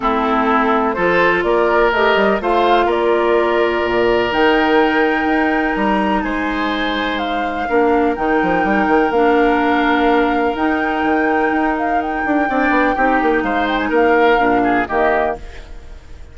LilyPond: <<
  \new Staff \with { instrumentName = "flute" } { \time 4/4 \tempo 4 = 125 a'2 c''4 d''4 | dis''4 f''4 d''2~ | d''4 g''2. | ais''4 gis''2 f''4~ |
f''4 g''2 f''4~ | f''2 g''2~ | g''8 f''8 g''2. | f''8 g''16 gis''16 f''2 dis''4 | }
  \new Staff \with { instrumentName = "oboe" } { \time 4/4 e'2 a'4 ais'4~ | ais'4 c''4 ais'2~ | ais'1~ | ais'4 c''2. |
ais'1~ | ais'1~ | ais'2 d''4 g'4 | c''4 ais'4. gis'8 g'4 | }
  \new Staff \with { instrumentName = "clarinet" } { \time 4/4 c'2 f'2 | g'4 f'2.~ | f'4 dis'2.~ | dis'1 |
d'4 dis'2 d'4~ | d'2 dis'2~ | dis'2 d'4 dis'4~ | dis'2 d'4 ais4 | }
  \new Staff \with { instrumentName = "bassoon" } { \time 4/4 a2 f4 ais4 | a8 g8 a4 ais2 | ais,4 dis2 dis'4 | g4 gis2. |
ais4 dis8 f8 g8 dis8 ais4~ | ais2 dis'4 dis4 | dis'4. d'8 c'8 b8 c'8 ais8 | gis4 ais4 ais,4 dis4 | }
>>